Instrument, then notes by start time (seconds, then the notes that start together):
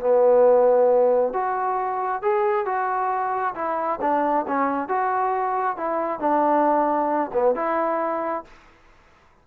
trombone
0.00 B3
1.33 F#4
2.22 G#4
2.66 F#4
3.55 E4
4.01 D4
4.48 C#4
4.89 F#4
5.77 E4
6.20 D4
7.34 B3
7.56 E4